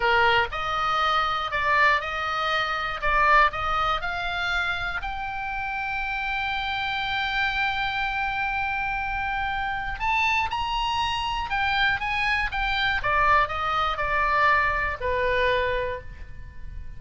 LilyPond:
\new Staff \with { instrumentName = "oboe" } { \time 4/4 \tempo 4 = 120 ais'4 dis''2 d''4 | dis''2 d''4 dis''4 | f''2 g''2~ | g''1~ |
g''1 | a''4 ais''2 g''4 | gis''4 g''4 d''4 dis''4 | d''2 b'2 | }